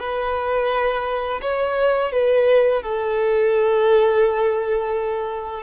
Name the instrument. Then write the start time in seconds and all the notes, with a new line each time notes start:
violin
0.00 B4
1.42 C#5
2.12 B4
2.83 A4